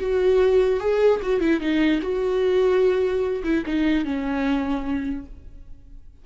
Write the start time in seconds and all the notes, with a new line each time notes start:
0.00 F#4
0.80 G#4
1.23 F#4
1.41 E4
1.61 D#4
2.02 F#4
3.44 E4
3.66 D#4
4.05 C#4